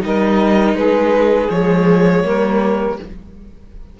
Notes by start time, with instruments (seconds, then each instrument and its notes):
0.00 cello G3, viola D#4, saxophone A#4, violin D#5
0.74 cello G#3, saxophone G#4, violin B4
1.50 cello F3, viola G#3, violin C#5
2.24 cello G3, viola A#3, saxophone A#4